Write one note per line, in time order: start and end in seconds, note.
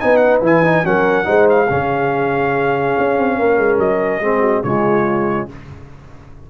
0.00 0.41 B3
0.00 0.42 D#4
0.00 0.86 B4
0.00 0.17 G#5
0.17 0.38 F#5
0.41 0.83 E3
0.41 0.63 E4
0.41 0.85 G#5
0.64 0.84 D#4
0.84 1.26 F#3
0.84 1.24 C#4
0.84 1.26 A#4
0.84 1.49 F#5
1.24 1.69 G#3
1.24 1.66 D#4
1.24 1.68 C5
1.49 3.79 F5
1.70 2.96 C#3
1.70 4.22 C#4
1.70 3.37 G#4
2.98 3.18 C#4
3.18 3.39 C4
3.37 3.58 A#3
3.37 4.22 A#4
3.58 3.78 G#3
3.78 4.20 F#3
3.78 4.63 D#5
4.20 4.62 G#3
4.20 4.64 C4
4.20 4.40 G#4
4.40 4.61 F#4
4.63 5.48 C#3
4.63 5.49 G#3
4.63 5.50 F4
4.63 5.48 C#5